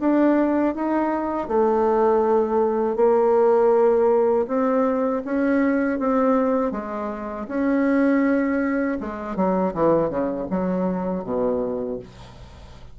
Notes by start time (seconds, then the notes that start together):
0.00 D4
0.75 D#4
1.48 A3
2.96 A#3
4.48 C4
5.25 C#4
5.99 C4
6.72 G#3
7.48 C#4
9.00 G#3
9.36 F#3
9.74 E3
10.09 C#3
10.50 F#3
11.24 B2